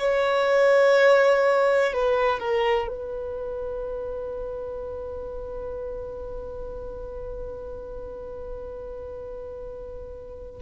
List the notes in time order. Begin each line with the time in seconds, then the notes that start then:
0.00 C#5
1.94 B4
2.40 A#4
2.88 B4